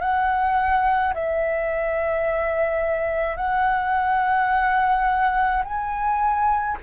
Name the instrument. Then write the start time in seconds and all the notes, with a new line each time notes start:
flute
0.00 F#5
1.14 E5
3.36 F#5
5.64 G#5